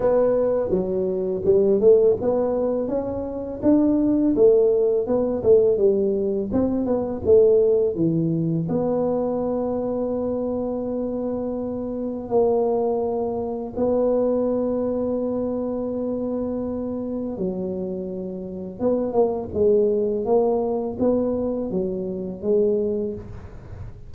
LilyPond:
\new Staff \with { instrumentName = "tuba" } { \time 4/4 \tempo 4 = 83 b4 fis4 g8 a8 b4 | cis'4 d'4 a4 b8 a8 | g4 c'8 b8 a4 e4 | b1~ |
b4 ais2 b4~ | b1 | fis2 b8 ais8 gis4 | ais4 b4 fis4 gis4 | }